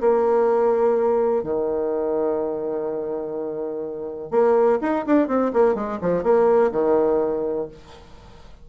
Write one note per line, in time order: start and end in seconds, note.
0.00 1.43 A#3
1.43 4.30 D#3
4.30 4.78 A#3
4.81 5.05 D#4
5.06 5.27 D4
5.27 5.51 C4
5.53 5.74 A#3
5.74 5.98 G#3
6.01 6.23 F3
6.23 6.71 A#3
6.71 7.67 D#3